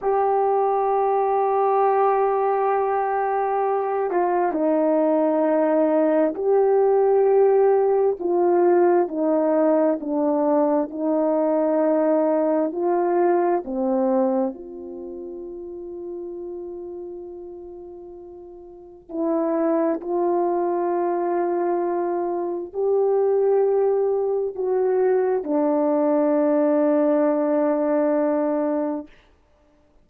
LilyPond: \new Staff \with { instrumentName = "horn" } { \time 4/4 \tempo 4 = 66 g'1~ | g'8 f'8 dis'2 g'4~ | g'4 f'4 dis'4 d'4 | dis'2 f'4 c'4 |
f'1~ | f'4 e'4 f'2~ | f'4 g'2 fis'4 | d'1 | }